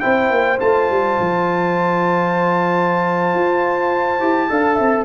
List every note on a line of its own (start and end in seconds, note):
0.00 0.30 C4
0.00 0.58 E4
0.00 4.48 C5
0.00 0.58 G5
0.30 0.59 A#3
0.59 0.90 A3
0.59 4.19 F4
0.59 5.05 A5
0.90 1.19 G3
1.20 3.34 F3
3.34 4.20 F4
4.20 4.49 E4
4.20 4.48 G4
4.48 4.79 D4
4.48 5.05 A4
4.48 4.75 F5
4.75 5.05 C4
4.75 5.04 E5